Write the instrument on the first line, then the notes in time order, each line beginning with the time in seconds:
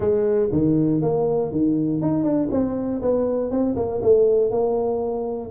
tuba
0.00 G#3
0.52 D#3
1.01 A#3
1.51 D#3
2.01 D#4
2.23 D4
2.51 C4
3.01 B3
3.50 C4
3.76 A#3
4.02 A3
4.50 A#3